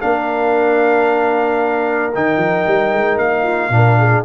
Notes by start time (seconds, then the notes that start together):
0.00 A#3 D4 A#4 F5
2.15 D#3 D#4 G5
2.37 F3
2.67 G3
2.93 G#3
3.17 A#3 F5
3.43 F4
3.70 A#2 D4 A#4
3.99 G#4